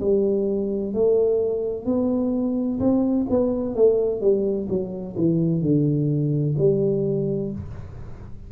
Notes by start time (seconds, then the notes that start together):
0.00 G3
0.93 A3
1.85 B3
2.79 C4
3.29 B3
3.75 A3
4.20 G3
4.68 F#3
5.16 E3
5.61 D3
6.58 G3